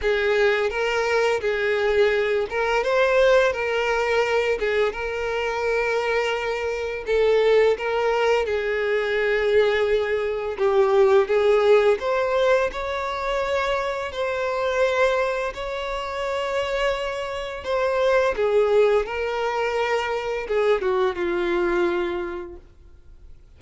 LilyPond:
\new Staff \with { instrumentName = "violin" } { \time 4/4 \tempo 4 = 85 gis'4 ais'4 gis'4. ais'8 | c''4 ais'4. gis'8 ais'4~ | ais'2 a'4 ais'4 | gis'2. g'4 |
gis'4 c''4 cis''2 | c''2 cis''2~ | cis''4 c''4 gis'4 ais'4~ | ais'4 gis'8 fis'8 f'2 | }